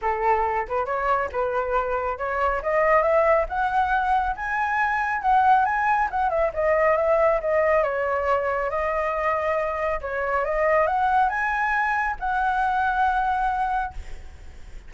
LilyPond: \new Staff \with { instrumentName = "flute" } { \time 4/4 \tempo 4 = 138 a'4. b'8 cis''4 b'4~ | b'4 cis''4 dis''4 e''4 | fis''2 gis''2 | fis''4 gis''4 fis''8 e''8 dis''4 |
e''4 dis''4 cis''2 | dis''2. cis''4 | dis''4 fis''4 gis''2 | fis''1 | }